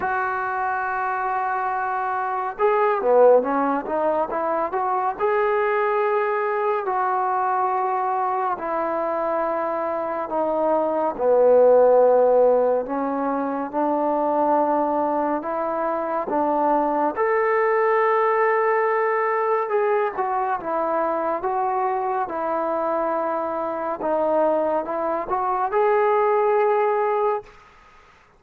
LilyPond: \new Staff \with { instrumentName = "trombone" } { \time 4/4 \tempo 4 = 70 fis'2. gis'8 b8 | cis'8 dis'8 e'8 fis'8 gis'2 | fis'2 e'2 | dis'4 b2 cis'4 |
d'2 e'4 d'4 | a'2. gis'8 fis'8 | e'4 fis'4 e'2 | dis'4 e'8 fis'8 gis'2 | }